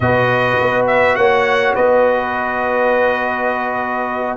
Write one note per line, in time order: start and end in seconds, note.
0.00 0.58 B2
0.00 4.36 F#4
0.00 1.17 B4
0.00 0.85 D#5
0.60 1.16 B3
0.86 1.15 E5
1.15 1.75 A#3
1.15 1.75 C#5
1.15 1.73 F#5
1.75 4.36 B3
1.75 4.36 B4
1.75 4.36 D#5